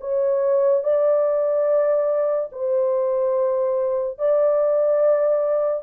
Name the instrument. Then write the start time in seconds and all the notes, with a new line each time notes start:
horn
0.00 C#5
0.83 D5
2.52 C5
4.18 D5